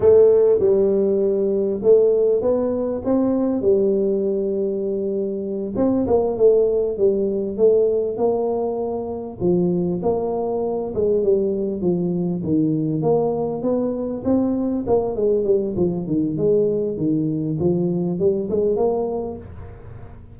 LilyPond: \new Staff \with { instrumentName = "tuba" } { \time 4/4 \tempo 4 = 99 a4 g2 a4 | b4 c'4 g2~ | g4. c'8 ais8 a4 g8~ | g8 a4 ais2 f8~ |
f8 ais4. gis8 g4 f8~ | f8 dis4 ais4 b4 c'8~ | c'8 ais8 gis8 g8 f8 dis8 gis4 | dis4 f4 g8 gis8 ais4 | }